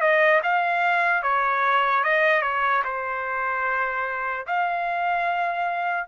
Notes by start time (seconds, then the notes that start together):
0.00 D#5
0.42 F5
1.22 C#5
2.03 D#5
2.41 C#5
2.84 C5
4.46 F5